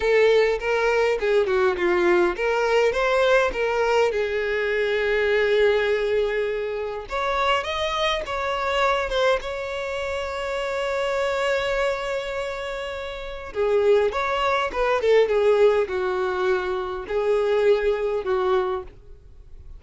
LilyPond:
\new Staff \with { instrumentName = "violin" } { \time 4/4 \tempo 4 = 102 a'4 ais'4 gis'8 fis'8 f'4 | ais'4 c''4 ais'4 gis'4~ | gis'1 | cis''4 dis''4 cis''4. c''8 |
cis''1~ | cis''2. gis'4 | cis''4 b'8 a'8 gis'4 fis'4~ | fis'4 gis'2 fis'4 | }